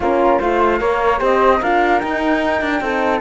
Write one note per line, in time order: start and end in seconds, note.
0.00 0.39 A#3
0.00 0.41 C#4
0.00 0.38 F4
0.00 0.39 A#4
0.38 0.80 A3
0.38 0.79 F4
0.38 0.78 C5
0.38 1.19 F5
0.79 1.20 A#3
0.79 1.18 A#4
0.79 1.18 C#5
1.18 1.61 C4
1.18 1.58 G4
1.18 1.59 C5
1.18 1.62 D#5
1.61 2.02 D4
1.61 2.01 F4
1.61 2.81 A#4
1.61 1.99 F5
1.99 2.70 D#4
1.99 2.61 D#4
1.99 3.20 G5
2.61 2.80 D4
2.70 2.80 D4
2.80 3.20 C4
2.80 3.20 D#4
2.80 3.20 A4